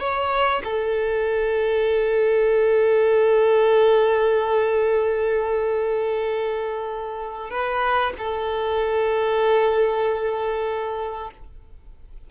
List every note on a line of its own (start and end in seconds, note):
0.00 0.62 C#5
0.65 7.51 A4
7.51 8.13 B4
8.19 11.31 A4